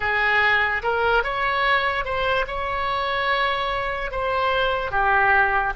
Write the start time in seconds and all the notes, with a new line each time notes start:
0.00 G#4
0.82 A#4
1.23 C#5
2.04 C5
2.47 C#5
4.11 C5
4.91 G4